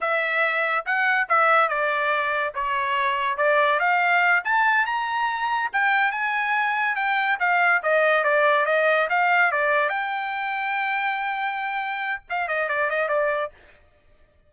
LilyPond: \new Staff \with { instrumentName = "trumpet" } { \time 4/4 \tempo 4 = 142 e''2 fis''4 e''4 | d''2 cis''2 | d''4 f''4. a''4 ais''8~ | ais''4. g''4 gis''4.~ |
gis''8 g''4 f''4 dis''4 d''8~ | d''8 dis''4 f''4 d''4 g''8~ | g''1~ | g''4 f''8 dis''8 d''8 dis''8 d''4 | }